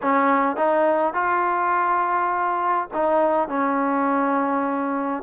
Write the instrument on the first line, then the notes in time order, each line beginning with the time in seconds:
trombone
0.02 C#4
0.56 D#4
1.13 F4
2.93 D#4
3.48 C#4